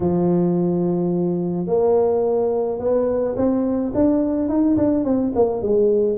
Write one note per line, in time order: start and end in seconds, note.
0.00 1.66 F3
1.66 2.79 A#3
2.79 3.35 B3
3.36 3.92 C4
3.94 4.48 D4
4.48 4.76 D#4
4.77 5.04 D4
5.04 5.32 C4
5.35 5.62 A#3
5.62 6.17 G#3